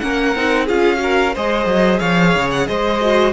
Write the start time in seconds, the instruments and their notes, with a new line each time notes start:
0.00 cello A#3, viola C#4, violin A#4 F#5
0.36 cello C4, viola D#4
0.65 cello C#4, viola F4, violin G#4 F5
0.97 viola F#4, violin A#4
1.35 cello G#3, viola G#4, violin C5 D#5
1.66 cello F#3
2.00 cello F3, violin C#5 F5
2.36 cello C#3
2.51 violin F#5
2.68 cello G#3, violin C5 D#5
3.01 viola F#4